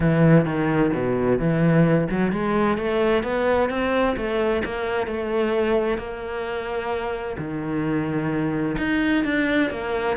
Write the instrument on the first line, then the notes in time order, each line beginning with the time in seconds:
cello
0.00 E3
0.45 D#3
0.93 B2
1.38 E3
2.10 F#3
2.32 G#3
2.77 A3
3.23 B3
3.69 C4
4.16 A3
4.64 A#3
5.06 A3
5.98 A#3
7.38 D#3
8.78 D#4
9.24 D4
9.70 A#3